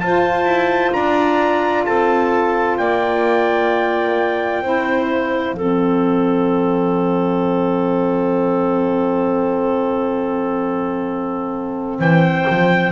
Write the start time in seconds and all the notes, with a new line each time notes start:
0.00 F4 C5 A5
0.45 E4
0.93 D4 D5 A#5
1.86 C4 A4 A5
2.78 A#3 D5 G5
4.62 C4 E4 C5
5.08 F5
5.53 F3 C4 A4
11.99 E3 C5 G5
12.50 F3